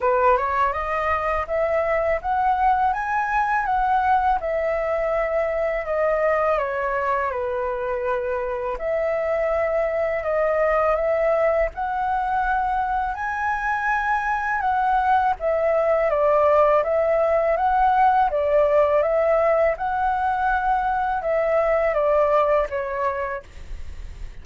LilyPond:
\new Staff \with { instrumentName = "flute" } { \time 4/4 \tempo 4 = 82 b'8 cis''8 dis''4 e''4 fis''4 | gis''4 fis''4 e''2 | dis''4 cis''4 b'2 | e''2 dis''4 e''4 |
fis''2 gis''2 | fis''4 e''4 d''4 e''4 | fis''4 d''4 e''4 fis''4~ | fis''4 e''4 d''4 cis''4 | }